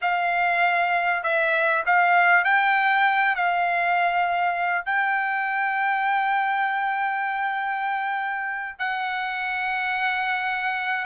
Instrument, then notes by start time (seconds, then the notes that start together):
trumpet
0.01 F5
1.23 E5
1.85 F5
2.44 G5
3.35 F5
4.85 G5
8.79 F#5